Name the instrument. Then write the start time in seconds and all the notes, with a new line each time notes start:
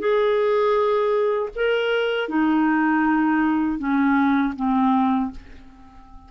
clarinet
0.00 G#4
1.56 A#4
2.29 D#4
3.79 C#4
4.56 C4